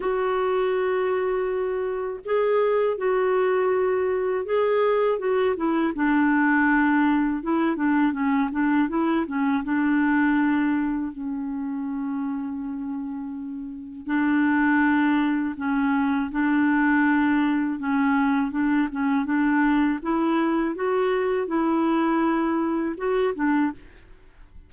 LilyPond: \new Staff \with { instrumentName = "clarinet" } { \time 4/4 \tempo 4 = 81 fis'2. gis'4 | fis'2 gis'4 fis'8 e'8 | d'2 e'8 d'8 cis'8 d'8 | e'8 cis'8 d'2 cis'4~ |
cis'2. d'4~ | d'4 cis'4 d'2 | cis'4 d'8 cis'8 d'4 e'4 | fis'4 e'2 fis'8 d'8 | }